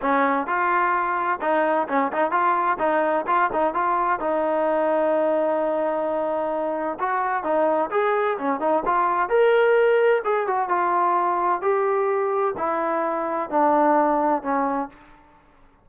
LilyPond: \new Staff \with { instrumentName = "trombone" } { \time 4/4 \tempo 4 = 129 cis'4 f'2 dis'4 | cis'8 dis'8 f'4 dis'4 f'8 dis'8 | f'4 dis'2.~ | dis'2. fis'4 |
dis'4 gis'4 cis'8 dis'8 f'4 | ais'2 gis'8 fis'8 f'4~ | f'4 g'2 e'4~ | e'4 d'2 cis'4 | }